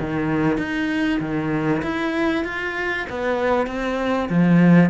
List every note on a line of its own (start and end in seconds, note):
0.00 0.58 D#3
0.58 1.19 D#4
1.20 1.82 D#3
1.82 2.44 E4
2.44 3.06 F4
3.10 3.67 B3
3.67 4.28 C4
4.29 4.90 F3